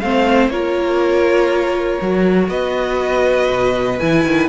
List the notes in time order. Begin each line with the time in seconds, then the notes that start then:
0.00 A3 C4 C5 F5
0.49 A#3 F4 A#4 C#5
2.02 F#3 F#4
2.49 B3 B4 D#5
3.50 B2
4.00 E3 E4 G#5
4.25 D#3